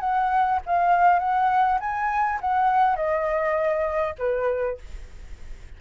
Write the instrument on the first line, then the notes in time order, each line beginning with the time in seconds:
flute
0.00 F#5
0.66 F5
1.19 F#5
1.80 G#5
2.41 F#5
2.96 D#5
4.18 B4